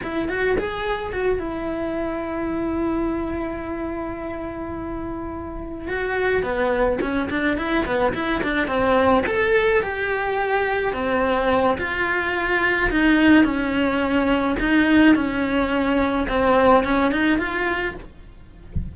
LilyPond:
\new Staff \with { instrumentName = "cello" } { \time 4/4 \tempo 4 = 107 e'8 fis'8 gis'4 fis'8 e'4.~ | e'1~ | e'2~ e'8 fis'4 b8~ | b8 cis'8 d'8 e'8 b8 e'8 d'8 c'8~ |
c'8 a'4 g'2 c'8~ | c'4 f'2 dis'4 | cis'2 dis'4 cis'4~ | cis'4 c'4 cis'8 dis'8 f'4 | }